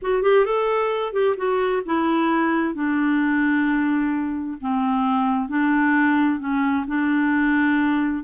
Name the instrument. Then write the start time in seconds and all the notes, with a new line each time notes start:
clarinet
0.02 F#4
0.22 G4
0.45 A4
1.12 G4
1.36 F#4
1.85 E4
2.74 D4
4.61 C4
5.48 D4
6.39 C#4
6.87 D4